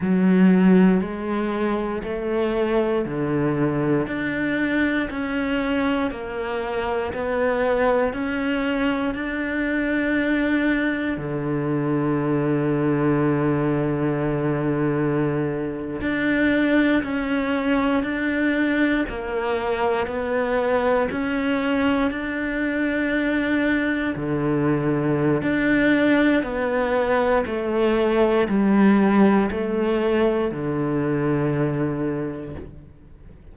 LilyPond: \new Staff \with { instrumentName = "cello" } { \time 4/4 \tempo 4 = 59 fis4 gis4 a4 d4 | d'4 cis'4 ais4 b4 | cis'4 d'2 d4~ | d2.~ d8. d'16~ |
d'8. cis'4 d'4 ais4 b16~ | b8. cis'4 d'2 d16~ | d4 d'4 b4 a4 | g4 a4 d2 | }